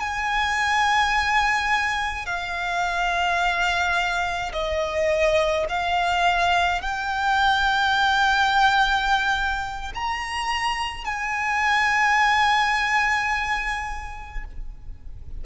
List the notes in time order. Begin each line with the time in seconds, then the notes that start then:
0.00 G#5
2.26 F5
4.53 D#5
5.70 F5
6.82 G5
9.95 A#5
11.05 G#5